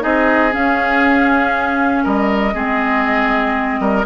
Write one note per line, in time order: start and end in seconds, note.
0.00 0.55 C4
0.00 0.50 D#4
0.00 2.04 G#4
0.00 0.53 D#5
0.51 2.53 C#4
0.51 2.06 C#4
0.51 2.05 F5
2.04 2.54 G3
2.04 2.54 A#4
2.04 4.06 D#5
2.54 3.80 G#3
2.54 4.05 C4
2.54 3.80 G#4
3.80 4.05 G3
3.80 4.06 A#4